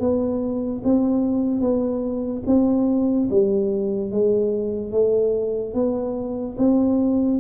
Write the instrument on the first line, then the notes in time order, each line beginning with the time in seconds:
tuba
0.00 B3
0.84 C4
1.61 B3
2.47 C4
3.30 G3
4.11 G#3
4.92 A3
5.74 B3
6.58 C4